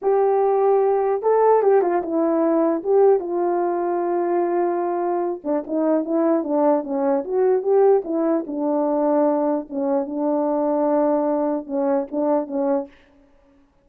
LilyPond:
\new Staff \with { instrumentName = "horn" } { \time 4/4 \tempo 4 = 149 g'2. a'4 | g'8 f'8 e'2 g'4 | f'1~ | f'4. d'8 dis'4 e'4 |
d'4 cis'4 fis'4 g'4 | e'4 d'2. | cis'4 d'2.~ | d'4 cis'4 d'4 cis'4 | }